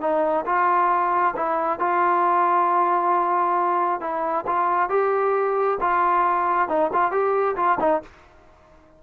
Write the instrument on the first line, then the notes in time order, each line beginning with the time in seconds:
trombone
0.00 D#4
0.45 F4
1.36 E4
1.79 F4
4.00 E4
4.46 F4
4.89 G4
5.80 F4
6.68 D#4
6.93 F4
7.11 G4
7.56 F4
7.79 D#4